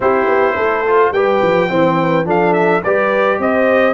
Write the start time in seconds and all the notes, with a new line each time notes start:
0.00 C4 E4 G4 C5
0.26 B3
0.55 A3 A4
0.86 F4
1.11 G3 G4 B4 G5
1.42 F3
1.69 E3 C4 C5
2.00 B4
2.25 F3 D4 A4 F5
2.53 E5
2.83 G3 G4 B4 D5
3.38 C4 C5 D#5